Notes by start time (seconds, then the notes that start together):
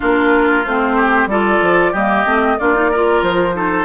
0.00 A#3 D4 F4 A#4
0.64 A3 C4 C5
0.95 G4
1.26 G3 F4 A4 D5
1.61 F3
1.92 G3 A#3 G4 D#5
2.25 A3 C4
2.58 A#3 D4 F4 D5
2.74 D#4
2.90 F4 A#4
3.22 F3 C5
3.54 D#4 A4